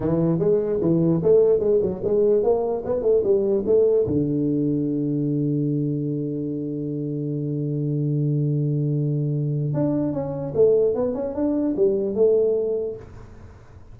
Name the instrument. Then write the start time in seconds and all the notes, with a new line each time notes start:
tuba
0.00 E3
0.39 G#3
0.81 E3
1.22 A3
1.59 G#3
1.82 F#3
2.03 G#3
2.43 A#3
2.85 B3
3.02 A3
3.23 G3
3.66 A3
4.06 D3
9.73 D4
10.12 C#4
10.54 A3
10.94 B3
11.14 C#4
11.34 D4
11.76 G3
12.14 A3